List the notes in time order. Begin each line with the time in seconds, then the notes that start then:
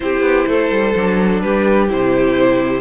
0.00 C4 E4 G4 C5
0.21 B3
0.47 A3 A4
0.70 G3
0.96 F#3 D4
1.41 G3 G4 B4
1.88 C3 E4 C5